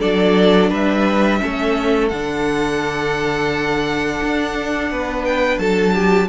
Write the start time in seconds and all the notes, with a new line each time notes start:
0.00 F#3 D4 A4 D5
0.70 G3 B4 E5
1.40 A3 C#4 A4
2.09 D3 D4 F#5
4.23 D4
4.91 B3 B4
5.25 G5
5.58 F#3 A4 A5
5.94 G4